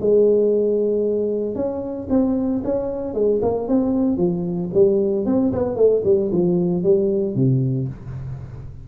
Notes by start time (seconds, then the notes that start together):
0.00 G#3
1.55 C#4
2.09 C4
2.64 C#4
3.14 G#3
3.42 A#3
3.68 C4
4.17 F3
4.73 G3
5.25 C4
5.52 B3
5.76 A3
6.04 G3
6.31 F3
6.83 G3
7.35 C3